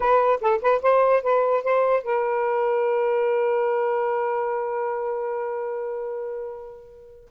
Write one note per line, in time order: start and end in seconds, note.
0.00 0.40 B4
0.40 0.61 A4
0.61 0.81 B4
0.82 1.22 C5
1.23 1.63 B4
1.63 2.03 C5
2.03 7.30 A#4